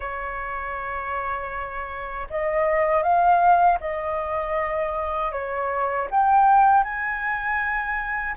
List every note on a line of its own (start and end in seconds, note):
0.00 2.27 C#5
2.30 3.02 D#5
3.02 3.78 F5
3.80 5.32 D#5
5.32 6.08 C#5
6.10 6.83 G5
6.83 8.35 G#5